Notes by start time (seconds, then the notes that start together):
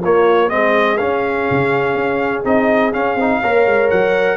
0.00 A#3 F4 C#5
0.47 G#3 C4 G#4 D#5
0.97 C#4 F5
1.51 C#3
1.94 C#4
2.44 C4 D#4 D#5
2.92 C#4 F5
3.15 C4 D#4
3.40 A#3 A#4 C#5
3.66 G#3
3.90 F#3 F#5